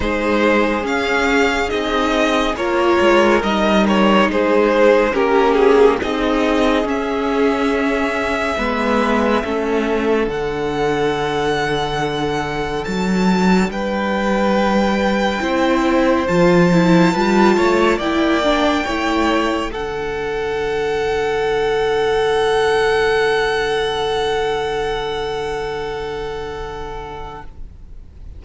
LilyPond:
<<
  \new Staff \with { instrumentName = "violin" } { \time 4/4 \tempo 4 = 70 c''4 f''4 dis''4 cis''4 | dis''8 cis''8 c''4 ais'8 gis'8 dis''4 | e''1 | fis''2. a''4 |
g''2. a''4~ | a''4 g''2 fis''4~ | fis''1~ | fis''1 | }
  \new Staff \with { instrumentName = "violin" } { \time 4/4 gis'2. ais'4~ | ais'4 gis'4 g'4 gis'4~ | gis'2 b'4 a'4~ | a'1 |
b'2 c''2 | b'8 cis''8 d''4 cis''4 a'4~ | a'1~ | a'1 | }
  \new Staff \with { instrumentName = "viola" } { \time 4/4 dis'4 cis'4 dis'4 f'4 | dis'2 cis'4 dis'4 | cis'2 b4 cis'4 | d'1~ |
d'2 e'4 f'8 e'8 | f'4 e'8 d'8 e'4 d'4~ | d'1~ | d'1 | }
  \new Staff \with { instrumentName = "cello" } { \time 4/4 gis4 cis'4 c'4 ais8 gis8 | g4 gis4 ais4 c'4 | cis'2 gis4 a4 | d2. fis4 |
g2 c'4 f4 | g8 a8 ais4 a4 d4~ | d1~ | d1 | }
>>